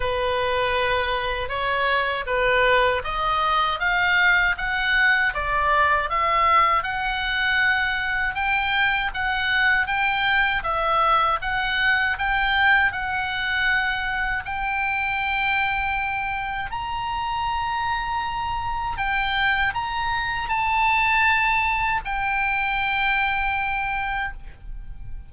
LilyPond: \new Staff \with { instrumentName = "oboe" } { \time 4/4 \tempo 4 = 79 b'2 cis''4 b'4 | dis''4 f''4 fis''4 d''4 | e''4 fis''2 g''4 | fis''4 g''4 e''4 fis''4 |
g''4 fis''2 g''4~ | g''2 ais''2~ | ais''4 g''4 ais''4 a''4~ | a''4 g''2. | }